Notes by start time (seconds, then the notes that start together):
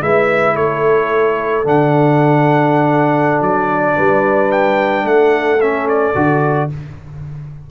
0.00 G#3 E4 B4 E5
0.54 A3 A4 C#5
1.63 D3 D4 F#5
3.41 F#3 D5
3.95 G3 B4
4.51 G5
5.04 A3 A4 F#5
5.60 C#4 E5
5.88 D5
6.14 D3 F#4